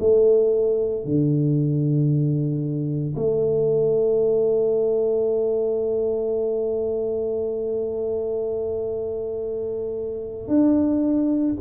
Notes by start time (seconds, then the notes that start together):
0.00 A3
1.05 D3
3.16 A3
10.48 D4